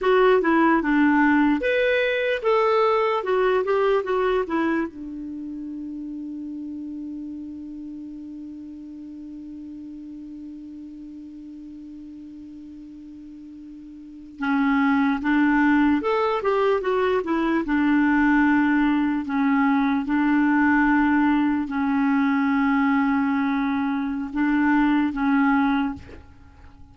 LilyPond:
\new Staff \with { instrumentName = "clarinet" } { \time 4/4 \tempo 4 = 74 fis'8 e'8 d'4 b'4 a'4 | fis'8 g'8 fis'8 e'8 d'2~ | d'1~ | d'1~ |
d'4.~ d'16 cis'4 d'4 a'16~ | a'16 g'8 fis'8 e'8 d'2 cis'16~ | cis'8. d'2 cis'4~ cis'16~ | cis'2 d'4 cis'4 | }